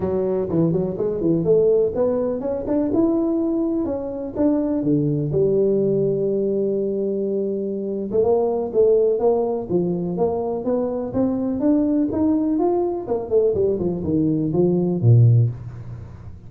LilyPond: \new Staff \with { instrumentName = "tuba" } { \time 4/4 \tempo 4 = 124 fis4 e8 fis8 gis8 e8 a4 | b4 cis'8 d'8 e'2 | cis'4 d'4 d4 g4~ | g1~ |
g8. a16 ais4 a4 ais4 | f4 ais4 b4 c'4 | d'4 dis'4 f'4 ais8 a8 | g8 f8 dis4 f4 ais,4 | }